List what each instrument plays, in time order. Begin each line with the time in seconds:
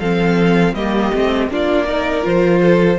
0.00 cello F3, viola C4, violin A4 F5
0.74 cello G3, viola A#3, violin G4 D#5
1.14 cello A3, viola C4
1.49 cello A#3, viola D4, violin F4 D5
1.86 viola D#4, violin A#4
2.23 cello F3, viola F4, violin C5
2.62 violin A4